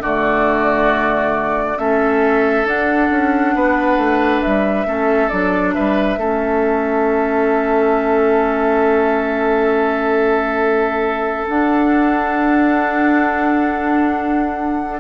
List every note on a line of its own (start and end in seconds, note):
0.00 1.76 D3
0.00 1.77 A3
0.00 1.78 F#4
0.00 1.78 D5
1.77 2.65 A3
1.77 2.65 C#4
1.77 3.56 A4
1.77 2.66 E5
2.65 3.09 D4
2.65 4.86 D4
2.65 4.42 F#5
3.11 3.54 C#4
3.54 3.97 B3
3.54 4.87 B4
3.97 4.41 A3
4.42 4.85 G3
4.42 5.28 E5
4.85 5.30 A3
4.85 5.30 C#4
4.85 5.74 A4
5.28 5.75 F#3
5.28 6.18 D4
5.28 5.73 D5
5.74 6.17 G3
5.74 6.19 B4
5.74 11.47 E5
6.17 11.46 A3
6.17 11.49 C#4
6.17 15.00 A4
11.48 15.00 D4
11.48 15.00 F#5